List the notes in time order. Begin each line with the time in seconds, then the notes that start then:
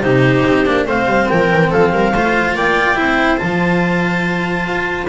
0.00 C3 D#4 G4 C5
0.45 C4
0.66 A#3 D4
0.86 A3 C4 C5 F5
1.05 G3
1.28 F3 A#4 G5
1.51 E3
1.70 F3 A4 F5
1.92 G3 A#4
2.13 A3 F4 C5
2.54 A#3 D5 G5
2.95 C4 E4 C5
3.37 F3 F4 A5
4.66 F4